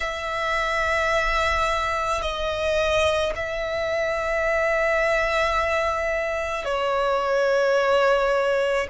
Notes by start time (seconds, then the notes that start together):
0.00 E5
2.21 D#5
3.35 E5
6.65 C#5